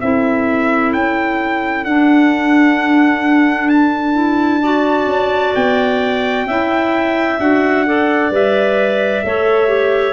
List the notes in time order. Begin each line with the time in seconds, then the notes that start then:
0.00 C4 E4 A4 E5
0.93 C#4 G5
1.84 D4 F#5
3.69 A5
4.13 E4
4.61 F#4 D5
5.05 C#4
5.55 B3 G5
6.46 C#4 E4 E5
7.39 D4 F#4 F#5
7.85 A4 D5
8.30 G3 B4 E5
9.23 A3 A4 C#5
9.67 G4